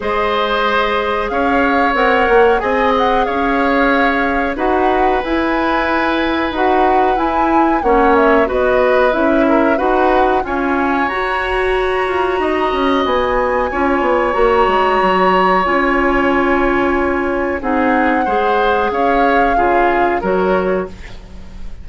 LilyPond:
<<
  \new Staff \with { instrumentName = "flute" } { \time 4/4 \tempo 4 = 92 dis''2 f''4 fis''4 | gis''8 fis''8 f''2 fis''4 | gis''2 fis''4 gis''4 | fis''8 e''8 dis''4 e''4 fis''4 |
gis''4 ais''2. | gis''2 ais''2 | gis''2. fis''4~ | fis''4 f''2 cis''4 | }
  \new Staff \with { instrumentName = "oboe" } { \time 4/4 c''2 cis''2 | dis''4 cis''2 b'4~ | b'1 | cis''4 b'4. ais'8 b'4 |
cis''2. dis''4~ | dis''4 cis''2.~ | cis''2. gis'4 | c''4 cis''4 gis'4 ais'4 | }
  \new Staff \with { instrumentName = "clarinet" } { \time 4/4 gis'2. ais'4 | gis'2. fis'4 | e'2 fis'4 e'4 | cis'4 fis'4 e'4 fis'4 |
cis'4 fis'2.~ | fis'4 f'4 fis'2 | f'2. dis'4 | gis'2 f'4 fis'4 | }
  \new Staff \with { instrumentName = "bassoon" } { \time 4/4 gis2 cis'4 c'8 ais8 | c'4 cis'2 dis'4 | e'2 dis'4 e'4 | ais4 b4 cis'4 dis'4 |
f'4 fis'4. f'8 dis'8 cis'8 | b4 cis'8 b8 ais8 gis8 fis4 | cis'2. c'4 | gis4 cis'4 cis4 fis4 | }
>>